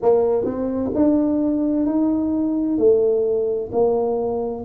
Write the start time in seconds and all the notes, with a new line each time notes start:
0.02 A#3
0.44 C4
0.94 D4
1.86 D#4
2.77 A3
3.72 A#3